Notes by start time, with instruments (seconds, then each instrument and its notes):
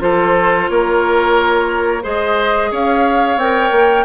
0.00 bassoon F3, clarinet F4, oboe A4, flute C5
0.68 bassoon A#3, oboe A#4, flute C#5
2.03 bassoon G#3, clarinet G#4, oboe C5, flute D#5
2.71 bassoon C#4, oboe C#5, flute F5
3.36 bassoon C4, clarinet A#4, flute G5
3.72 bassoon A#3